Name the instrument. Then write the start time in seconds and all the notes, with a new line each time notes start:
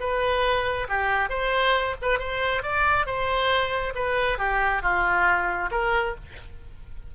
oboe
0.00 B4
0.89 G4
1.30 C5
2.02 B4
2.19 C5
2.63 D5
3.06 C5
3.95 B4
4.39 G4
4.83 F4
5.71 A#4